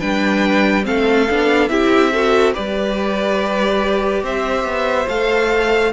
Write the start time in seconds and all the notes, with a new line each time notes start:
0.00 G3 D4 B4 G5
0.83 A3 C4 A4 F5
1.29 B3 D4
1.68 C4 E4 G4 E5
2.12 F#4 A4
2.54 G3 G4 B4 D5
4.22 C4 C5 E5
4.64 B3
5.08 A3 A4 F5